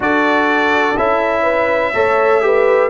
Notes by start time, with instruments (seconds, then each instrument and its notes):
0.00 tuba D4, trombone F#4, horn A4, trumpet D5
0.96 tuba C#4, trombone E4, trumpet E5
1.42 horn B4
1.94 tuba A3, trombone A4, horn C#5
2.41 trombone G4, horn B4